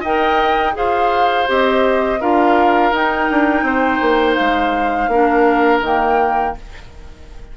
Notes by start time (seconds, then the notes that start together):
0.00 D#4 A#4 D#5 G5
0.73 F4 G#4 C5 F5
1.47 C4 G4 D#5
2.20 D4 F4 A#4 F5
2.92 D#4 G5
3.30 D4
3.62 C4 C5
4.01 A#3
4.35 G#3 F5
5.08 A#3 D4 A#4
5.81 D#3 A#3 G5